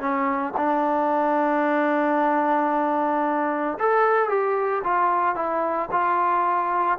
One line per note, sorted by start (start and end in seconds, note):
0.00 0.54 C#4
0.57 3.79 D4
3.79 4.29 A4
4.29 4.83 G4
4.84 5.35 F4
5.35 5.89 E4
5.91 6.99 F4